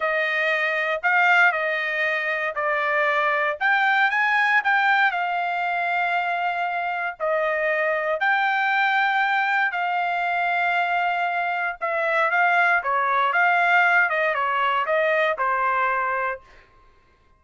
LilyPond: \new Staff \with { instrumentName = "trumpet" } { \time 4/4 \tempo 4 = 117 dis''2 f''4 dis''4~ | dis''4 d''2 g''4 | gis''4 g''4 f''2~ | f''2 dis''2 |
g''2. f''4~ | f''2. e''4 | f''4 cis''4 f''4. dis''8 | cis''4 dis''4 c''2 | }